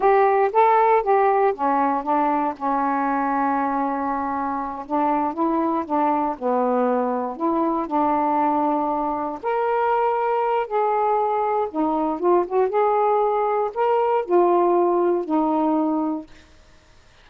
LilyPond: \new Staff \with { instrumentName = "saxophone" } { \time 4/4 \tempo 4 = 118 g'4 a'4 g'4 cis'4 | d'4 cis'2.~ | cis'4. d'4 e'4 d'8~ | d'8 b2 e'4 d'8~ |
d'2~ d'8 ais'4.~ | ais'4 gis'2 dis'4 | f'8 fis'8 gis'2 ais'4 | f'2 dis'2 | }